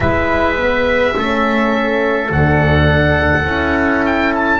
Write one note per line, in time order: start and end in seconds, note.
0.00 1.14 G#3
0.00 0.56 E4
0.00 1.16 B4
0.00 2.31 E5
0.57 1.14 B3
1.15 2.30 A3
1.15 2.31 C#4
1.15 4.59 A4
2.30 3.44 D2
2.30 3.45 D4
2.30 4.05 F#5
3.44 4.59 C#4
3.44 4.59 E4
4.05 4.34 G5
4.34 4.59 A5